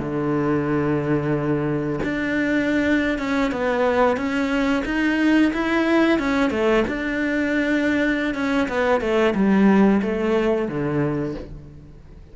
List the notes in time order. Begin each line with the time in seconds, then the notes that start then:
0.00 D3
2.03 D4
3.19 C#4
3.52 B3
4.17 C#4
4.85 D#4
5.54 E4
6.19 C#4
6.51 A3
6.88 D4
8.35 C#4
8.69 B3
9.01 A3
9.35 G3
10.02 A3
10.68 D3